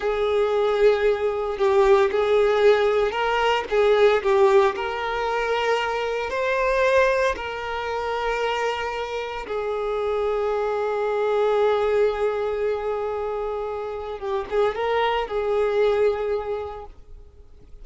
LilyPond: \new Staff \with { instrumentName = "violin" } { \time 4/4 \tempo 4 = 114 gis'2. g'4 | gis'2 ais'4 gis'4 | g'4 ais'2. | c''2 ais'2~ |
ais'2 gis'2~ | gis'1~ | gis'2. g'8 gis'8 | ais'4 gis'2. | }